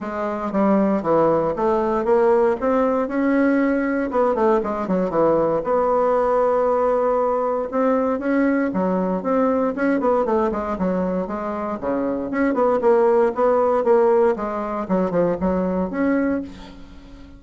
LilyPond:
\new Staff \with { instrumentName = "bassoon" } { \time 4/4 \tempo 4 = 117 gis4 g4 e4 a4 | ais4 c'4 cis'2 | b8 a8 gis8 fis8 e4 b4~ | b2. c'4 |
cis'4 fis4 c'4 cis'8 b8 | a8 gis8 fis4 gis4 cis4 | cis'8 b8 ais4 b4 ais4 | gis4 fis8 f8 fis4 cis'4 | }